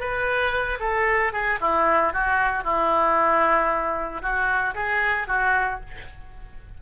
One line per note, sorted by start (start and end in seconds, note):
0.00 0.79 B4
0.80 1.33 A4
1.33 1.59 G#4
1.61 2.13 E4
2.13 2.64 F#4
2.64 4.22 E4
4.22 4.75 F#4
4.75 5.28 G#4
5.28 5.80 F#4